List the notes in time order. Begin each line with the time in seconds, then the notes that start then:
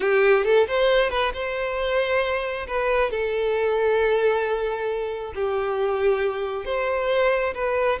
0.00 G4
0.44 A4
0.67 C5
1.10 B4
1.33 C5
2.67 B4
3.11 A4
5.34 G4
6.65 C5
7.54 B4